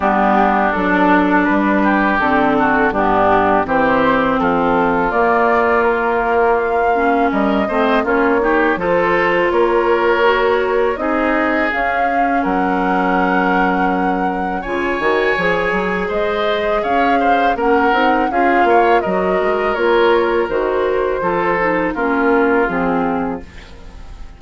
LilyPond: <<
  \new Staff \with { instrumentName = "flute" } { \time 4/4 \tempo 4 = 82 g'4 a'4 b'4 a'4 | g'4 c''4 a'4 d''4 | ais'4 f''4 dis''4 cis''4 | c''4 cis''2 dis''4 |
f''4 fis''2. | gis''2 dis''4 f''4 | fis''4 f''4 dis''4 cis''4 | c''2 ais'4 gis'4 | }
  \new Staff \with { instrumentName = "oboe" } { \time 4/4 d'2~ d'8 g'4 fis'8 | d'4 g'4 f'2~ | f'2 ais'8 c''8 f'8 g'8 | a'4 ais'2 gis'4~ |
gis'4 ais'2. | cis''2 c''4 cis''8 c''8 | ais'4 gis'8 cis''8 ais'2~ | ais'4 a'4 f'2 | }
  \new Staff \with { instrumentName = "clarinet" } { \time 4/4 b4 d'2 c'4 | b4 c'2 ais4~ | ais4. cis'4 c'8 cis'8 dis'8 | f'2 fis'4 dis'4 |
cis'1 | f'8 fis'8 gis'2. | cis'8 dis'8 f'4 fis'4 f'4 | fis'4 f'8 dis'8 cis'4 c'4 | }
  \new Staff \with { instrumentName = "bassoon" } { \time 4/4 g4 fis4 g4 d4 | g,4 e4 f4 ais4~ | ais2 g8 a8 ais4 | f4 ais2 c'4 |
cis'4 fis2. | cis8 dis8 f8 fis8 gis4 cis'4 | ais8 c'8 cis'8 ais8 fis8 gis8 ais4 | dis4 f4 ais4 f4 | }
>>